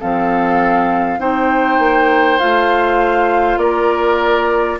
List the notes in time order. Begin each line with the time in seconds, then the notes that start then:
0.00 F3 C4 A4 F5
1.19 C4 D#4 C5 G5
1.79 A#3
2.39 A3 F4 F5
3.57 A#3 A#4 D5